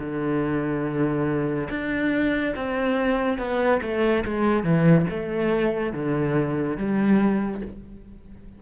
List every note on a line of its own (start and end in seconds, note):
0.00 1.69 D3
1.71 2.55 D4
2.56 3.39 C4
3.39 3.81 B3
3.82 4.24 A3
4.26 4.64 G#3
4.64 5.06 E3
5.10 5.93 A3
5.93 6.78 D3
6.78 7.62 G3